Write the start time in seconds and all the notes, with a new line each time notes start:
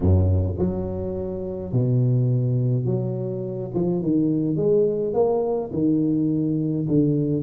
0.00 F#2
0.58 F#3
1.72 B2
2.85 F#3
3.74 F3
4.01 D#3
4.56 G#3
5.13 A#3
5.72 D#3
6.88 D3